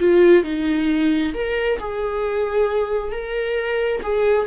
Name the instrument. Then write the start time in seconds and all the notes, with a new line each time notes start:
viola
0.00 F4
0.44 D#4
1.35 A#4
1.80 G#4
3.12 A#4
4.03 G#4